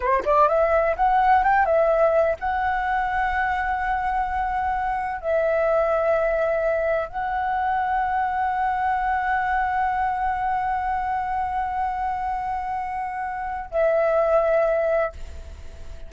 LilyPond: \new Staff \with { instrumentName = "flute" } { \time 4/4 \tempo 4 = 127 c''8 d''8 e''4 fis''4 g''8 e''8~ | e''4 fis''2.~ | fis''2. e''4~ | e''2. fis''4~ |
fis''1~ | fis''1~ | fis''1~ | fis''4 e''2. | }